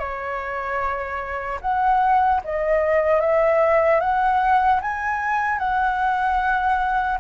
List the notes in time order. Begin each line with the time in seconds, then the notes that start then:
0.00 C#5
1.61 F#5
2.45 D#5
3.21 E5
4.01 F#5
4.82 G#5
5.59 F#5